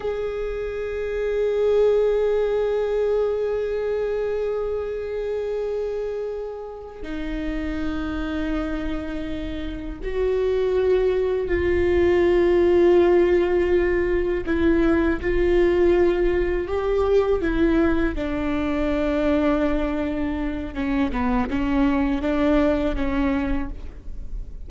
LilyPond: \new Staff \with { instrumentName = "viola" } { \time 4/4 \tempo 4 = 81 gis'1~ | gis'1~ | gis'4. dis'2~ dis'8~ | dis'4. fis'2 f'8~ |
f'2.~ f'8 e'8~ | e'8 f'2 g'4 e'8~ | e'8 d'2.~ d'8 | cis'8 b8 cis'4 d'4 cis'4 | }